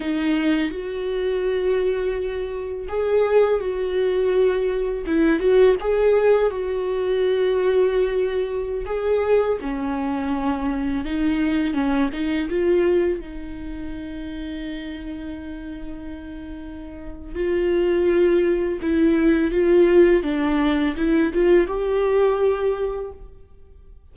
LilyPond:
\new Staff \with { instrumentName = "viola" } { \time 4/4 \tempo 4 = 83 dis'4 fis'2. | gis'4 fis'2 e'8 fis'8 | gis'4 fis'2.~ | fis'16 gis'4 cis'2 dis'8.~ |
dis'16 cis'8 dis'8 f'4 dis'4.~ dis'16~ | dis'1 | f'2 e'4 f'4 | d'4 e'8 f'8 g'2 | }